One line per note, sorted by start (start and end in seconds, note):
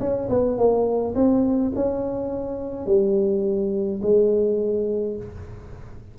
0.00 0.29 C#4
0.30 0.58 B3
0.58 1.15 A#3
1.15 1.72 C4
1.75 2.86 C#4
2.86 4.01 G3
4.02 5.17 G#3